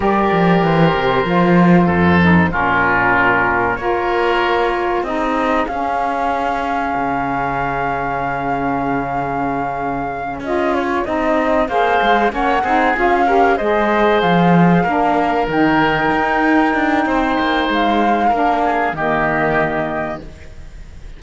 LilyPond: <<
  \new Staff \with { instrumentName = "flute" } { \time 4/4 \tempo 4 = 95 d''4 c''2. | ais'2 cis''2 | dis''4 f''2.~ | f''1~ |
f''8 dis''8 cis''8 dis''4 f''4 fis''8~ | fis''8 f''4 dis''4 f''4.~ | f''8 g''2.~ g''8 | f''2 dis''2 | }
  \new Staff \with { instrumentName = "oboe" } { \time 4/4 ais'2. a'4 | f'2 ais'2 | gis'1~ | gis'1~ |
gis'2~ gis'8 c''4 cis''8 | gis'4 ais'8 c''2 ais'8~ | ais'2. c''4~ | c''4 ais'8 gis'8 g'2 | }
  \new Staff \with { instrumentName = "saxophone" } { \time 4/4 g'2 f'4. dis'8 | cis'2 f'2 | dis'4 cis'2.~ | cis'1~ |
cis'8 f'4 dis'4 gis'4 cis'8 | dis'8 f'8 g'8 gis'2 d'8~ | d'8 dis'2.~ dis'8~ | dis'4 d'4 ais2 | }
  \new Staff \with { instrumentName = "cello" } { \time 4/4 g8 f8 e8 c8 f4 f,4 | ais,2 ais2 | c'4 cis'2 cis4~ | cis1~ |
cis8 cis'4 c'4 ais8 gis8 ais8 | c'8 cis'4 gis4 f4 ais8~ | ais8 dis4 dis'4 d'8 c'8 ais8 | gis4 ais4 dis2 | }
>>